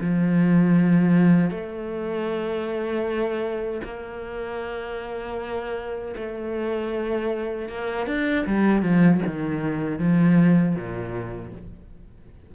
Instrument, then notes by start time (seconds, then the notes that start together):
cello
0.00 F3
1.50 A3
3.84 A#3
6.16 A3
7.69 A#3
8.07 D4
8.46 G3
8.83 F3
9.26 D#3
9.99 F3
10.75 A#2